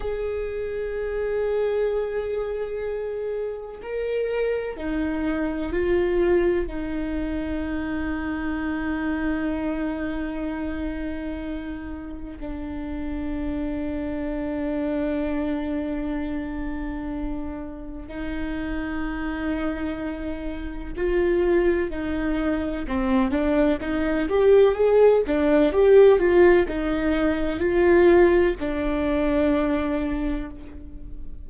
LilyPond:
\new Staff \with { instrumentName = "viola" } { \time 4/4 \tempo 4 = 63 gis'1 | ais'4 dis'4 f'4 dis'4~ | dis'1~ | dis'4 d'2.~ |
d'2. dis'4~ | dis'2 f'4 dis'4 | c'8 d'8 dis'8 g'8 gis'8 d'8 g'8 f'8 | dis'4 f'4 d'2 | }